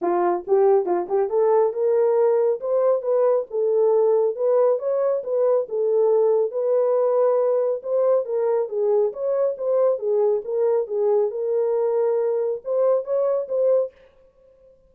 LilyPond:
\new Staff \with { instrumentName = "horn" } { \time 4/4 \tempo 4 = 138 f'4 g'4 f'8 g'8 a'4 | ais'2 c''4 b'4 | a'2 b'4 cis''4 | b'4 a'2 b'4~ |
b'2 c''4 ais'4 | gis'4 cis''4 c''4 gis'4 | ais'4 gis'4 ais'2~ | ais'4 c''4 cis''4 c''4 | }